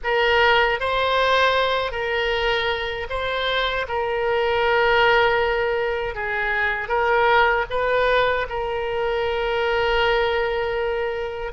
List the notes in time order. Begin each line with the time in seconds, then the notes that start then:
0.03 A#4
0.79 C5
1.91 A#4
3.09 C5
3.87 A#4
6.15 G#4
6.88 A#4
7.70 B4
8.49 A#4